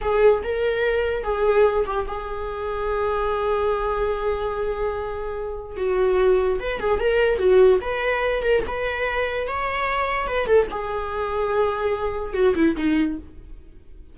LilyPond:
\new Staff \with { instrumentName = "viola" } { \time 4/4 \tempo 4 = 146 gis'4 ais'2 gis'4~ | gis'8 g'8 gis'2.~ | gis'1~ | gis'2 fis'2 |
b'8 gis'8 ais'4 fis'4 b'4~ | b'8 ais'8 b'2 cis''4~ | cis''4 b'8 a'8 gis'2~ | gis'2 fis'8 e'8 dis'4 | }